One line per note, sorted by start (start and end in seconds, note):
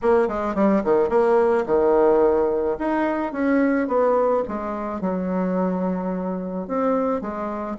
0.02 0.28 A#3
0.28 0.55 G#3
0.55 0.82 G3
0.83 1.09 D#3
1.09 1.64 A#3
1.66 2.77 D#3
2.78 3.32 D#4
3.32 3.87 C#4
3.87 4.43 B3
4.47 5.01 G#3
5.01 6.67 F#3
6.67 7.21 C4
7.21 7.76 G#3